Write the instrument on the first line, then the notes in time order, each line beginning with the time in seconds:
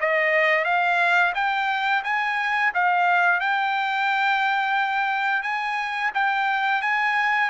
trumpet
0.00 D#5
0.64 F5
1.35 G5
2.04 G#5
2.74 F5
3.40 G5
5.42 G#5
6.14 G5
6.82 G#5